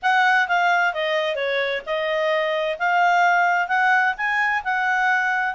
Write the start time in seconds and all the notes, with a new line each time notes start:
0.02 F#5
0.48 F5
0.93 D#5
1.35 C#5
1.85 D#5
2.78 F5
3.68 F#5
4.17 G#5
4.63 F#5